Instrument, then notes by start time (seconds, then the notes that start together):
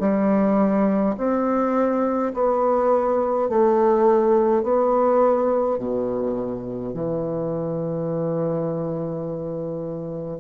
bassoon
0.00 G3
1.17 C4
2.34 B3
3.49 A3
4.64 B3
5.78 B2
6.94 E3